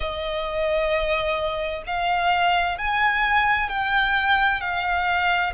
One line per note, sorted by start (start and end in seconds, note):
0.00 1.82 D#5
1.86 2.78 F5
2.78 3.69 G#5
3.69 4.61 G5
4.61 5.53 F5